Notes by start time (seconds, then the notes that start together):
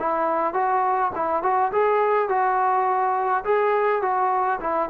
0.00 E4
0.54 F#4
1.16 E4
1.43 F#4
1.72 G#4
2.29 F#4
3.45 G#4
4.02 F#4
4.61 E4